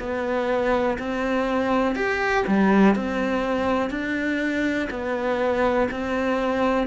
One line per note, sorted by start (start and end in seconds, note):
0.00 0.98 B3
0.99 1.96 C4
1.96 2.45 G4
2.47 2.96 G3
2.96 3.90 C4
3.90 4.89 D4
4.90 5.89 B3
5.92 6.87 C4